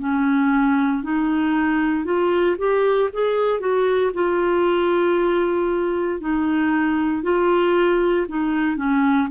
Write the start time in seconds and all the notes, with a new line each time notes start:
0.00 C#4
1.03 D#4
2.05 F4
2.59 G4
3.13 G#4
3.60 F#4
4.14 F4
6.21 D#4
7.24 F4
8.29 D#4
8.77 C#4